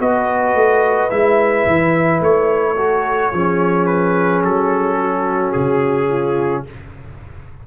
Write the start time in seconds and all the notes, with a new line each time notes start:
0.00 B3 F#4 B4 D#5
0.55 A3
1.10 G#3 E4 E5
1.67 E3
2.21 A3 C#5
2.77 F#4 A4
3.32 F3 C#4 G#4
3.87 B4
4.44 F#3 A4
5.00 F#4
5.52 C#3 G#4
6.09 F4